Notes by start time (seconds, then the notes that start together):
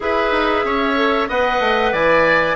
0.00 E4 G#4 B4 E5
0.31 D#4
0.64 C#4 C#5
0.95 A4
1.28 B3 B4 D#5 F#5
1.59 A3
1.92 E3 D5 G#5